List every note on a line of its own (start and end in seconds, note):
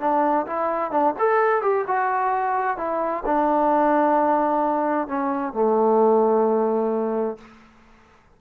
0.00 0.46 D4
0.47 0.91 E4
0.91 1.14 D4
1.19 1.62 A4
1.62 1.85 G4
1.87 2.78 F#4
2.78 3.24 E4
3.26 5.08 D4
5.08 5.53 C#4
5.53 7.38 A3